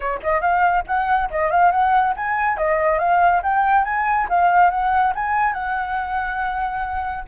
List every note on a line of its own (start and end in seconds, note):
0.00 0.20 C#5
0.22 0.41 D#5
0.41 0.84 F5
0.86 1.29 F#5
1.30 1.50 D#5
1.50 1.71 F5
1.71 2.14 F#5
2.16 2.57 G#5
2.57 2.99 D#5
2.99 3.41 F5
3.43 3.84 G5
3.84 4.27 G#5
4.29 4.70 F5
4.70 5.13 F#5
5.15 5.53 G#5
5.53 7.24 F#5